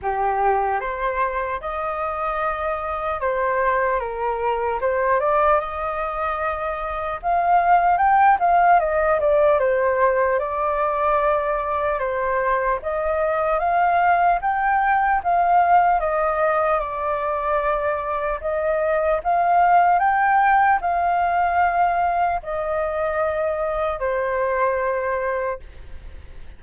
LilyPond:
\new Staff \with { instrumentName = "flute" } { \time 4/4 \tempo 4 = 75 g'4 c''4 dis''2 | c''4 ais'4 c''8 d''8 dis''4~ | dis''4 f''4 g''8 f''8 dis''8 d''8 | c''4 d''2 c''4 |
dis''4 f''4 g''4 f''4 | dis''4 d''2 dis''4 | f''4 g''4 f''2 | dis''2 c''2 | }